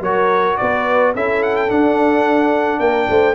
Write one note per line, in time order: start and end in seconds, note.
0.00 0.56 F#3
0.00 1.15 F#4
0.00 0.58 A#4
0.00 0.57 C#5
0.57 1.14 B3
0.57 1.14 B4
0.57 1.13 D5
1.14 1.70 C#4
1.14 1.68 E4
1.14 2.80 A4
1.14 1.43 E5
1.43 1.56 F#5
1.56 1.70 G5
1.68 3.35 D4
1.68 2.80 D4
1.68 2.79 F#5
2.79 3.08 A#3
2.79 3.08 A#4
2.79 3.35 G5
3.09 3.35 A3
3.09 3.35 C5